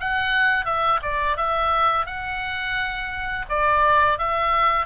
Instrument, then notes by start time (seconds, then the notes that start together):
oboe
0.00 F#5
0.65 E5
1.02 D5
1.37 E5
2.06 F#5
3.49 D5
4.18 E5